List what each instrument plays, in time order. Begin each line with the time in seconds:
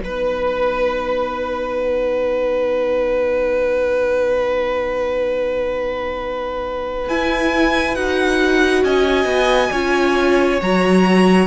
0.00 cello B3, viola D#4, violin B4
1.80 violin F#5
7.08 cello E4, viola E4, violin G#5
7.95 cello D#4, viola F#4, violin F#5
8.83 cello C#4, violin D#5 G#5
9.24 cello B3
9.71 cello C#4, viola F4, violin C#5
10.61 cello F#3, viola F#4, violin A#5